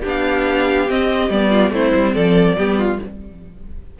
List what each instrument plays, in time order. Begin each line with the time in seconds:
0.00 cello B3, viola D4, violin G4
0.08 violin F5
0.88 viola C4, cello C4, violin D#5
1.30 cello G3, viola B3, violin D5
1.49 violin F4
1.70 cello A3, viola C4, violin E4 C5
1.94 cello G3
2.14 cello F3, violin A4 D5
2.56 cello G3, viola B3, violin G4
2.78 violin F4